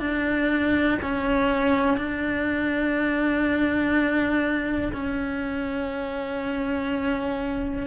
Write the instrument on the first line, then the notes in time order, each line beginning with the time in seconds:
cello
0.00 D4
1.02 C#4
1.98 D4
4.93 C#4